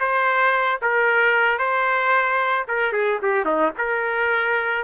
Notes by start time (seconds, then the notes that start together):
0.00 C5
0.82 A#4
1.59 C5
2.68 A#4
2.93 G#4
3.23 G4
3.46 D#4
3.78 A#4